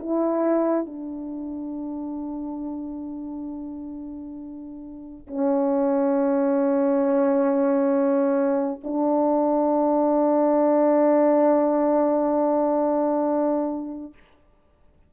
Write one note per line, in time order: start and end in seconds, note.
0.00 0.87 E4
0.87 5.27 D4
5.27 8.80 C#4
8.84 14.13 D4